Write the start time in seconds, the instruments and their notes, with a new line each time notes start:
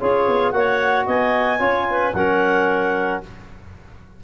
0.00 tuba C#4, trombone F4, clarinet G#4 C#5
0.27 tuba B3
0.51 tuba A#3, trombone F#4, clarinet C#5 F#5
1.06 tuba B3, clarinet D#5 G#5
1.59 tuba C#4, trombone F4, clarinet C#5
1.90 clarinet B4
2.14 tuba F#3, trombone C#4, clarinet A#4 F#5